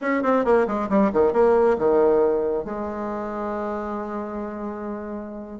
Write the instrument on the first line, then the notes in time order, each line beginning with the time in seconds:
bassoon
0.01 C#4
0.22 C4
0.44 A#3
0.67 G#3
0.89 G3
1.12 D#3
1.33 A#3
1.78 D#3
2.64 G#3